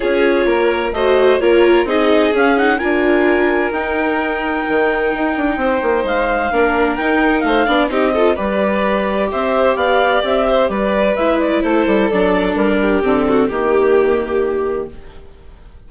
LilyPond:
<<
  \new Staff \with { instrumentName = "clarinet" } { \time 4/4 \tempo 4 = 129 cis''2 dis''4 cis''4 | dis''4 f''8 fis''8 gis''2 | g''1~ | g''4 f''2 g''4 |
f''4 dis''4 d''2 | e''4 f''4 e''4 d''4 | e''8 d''8 c''4 d''4 ais'4 | a'4 g'2. | }
  \new Staff \with { instrumentName = "violin" } { \time 4/4 gis'4 ais'4 c''4 ais'4 | gis'2 ais'2~ | ais'1 | c''2 ais'2 |
c''8 d''8 g'8 a'8 b'2 | c''4 d''4. c''8 b'4~ | b'4 a'2~ a'8 g'8~ | g'8 fis'8 g'2. | }
  \new Staff \with { instrumentName = "viola" } { \time 4/4 f'2 fis'4 f'4 | dis'4 cis'8 dis'8 f'2 | dis'1~ | dis'2 d'4 dis'4~ |
dis'8 d'8 dis'8 f'8 g'2~ | g'1 | e'2 d'2 | c'4 ais2. | }
  \new Staff \with { instrumentName = "bassoon" } { \time 4/4 cis'4 ais4 a4 ais4 | c'4 cis'4 d'2 | dis'2 dis4 dis'8 d'8 | c'8 ais8 gis4 ais4 dis'4 |
a8 b8 c'4 g2 | c'4 b4 c'4 g4 | gis4 a8 g8 fis4 g4 | d4 dis2. | }
>>